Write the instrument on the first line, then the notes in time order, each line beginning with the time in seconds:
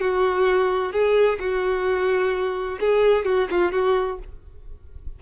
violin
0.00 F#4
0.92 G#4
1.39 F#4
2.79 G#4
3.25 F#4
3.50 F4
3.72 F#4